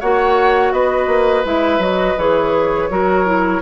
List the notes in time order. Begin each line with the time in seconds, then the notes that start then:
0.00 A#3 F#4 C#5 F#5
0.72 B3 B4 D#5
1.07 A#3
1.45 G#3 E4 E5
1.78 F#3 F#4 D#5
2.17 E3 G#4 C#5
2.90 F#3 F#4 A#4
3.25 E4